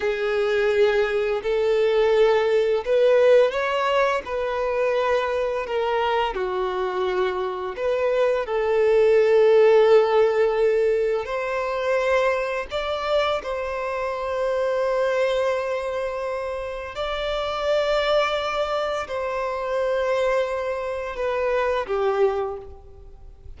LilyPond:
\new Staff \with { instrumentName = "violin" } { \time 4/4 \tempo 4 = 85 gis'2 a'2 | b'4 cis''4 b'2 | ais'4 fis'2 b'4 | a'1 |
c''2 d''4 c''4~ | c''1 | d''2. c''4~ | c''2 b'4 g'4 | }